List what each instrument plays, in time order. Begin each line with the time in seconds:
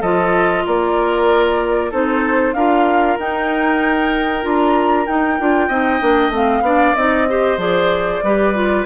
0.00 bassoon F3, clarinet F4, oboe A4, flute D#5
0.66 bassoon A#3, oboe A#4, flute D5
1.91 bassoon C4, clarinet D#4, oboe A4, flute C5
2.53 bassoon D4, clarinet F4, oboe A#4, flute F5
3.18 bassoon D#4, clarinet D#4, flute G5
4.42 bassoon D4, clarinet F4, flute A#5
5.06 bassoon D#4, clarinet D#4, flute G5
5.39 bassoon D4, clarinet F4
5.67 bassoon C4, clarinet D#4, oboe D#5
6.00 bassoon A#3, clarinet D4
6.28 bassoon A3, clarinet C4
6.35 flute F5
6.61 bassoon B3, clarinet D4, oboe D5
6.95 bassoon C4, clarinet D#4, flute D#5
7.28 clarinet G4, oboe C5
7.57 bassoon F3, clarinet G#4, flute D5
8.23 bassoon G3, clarinet G4, oboe B4
8.54 clarinet F4